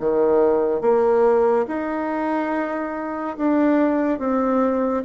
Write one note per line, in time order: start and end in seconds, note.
0.00 0.81 D#3
0.81 1.66 A#3
1.68 3.37 D#4
3.37 4.19 D4
4.19 5.04 C4